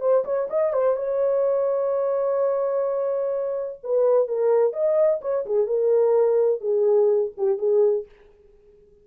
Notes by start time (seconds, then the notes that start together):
0.00 C5
0.24 C#5
0.49 D#5
0.73 C5
0.96 C#5
3.83 B4
4.27 A#4
4.73 D#5
5.21 C#5
5.45 G#4
5.66 A#4
6.60 G#4
7.37 G4
7.58 G#4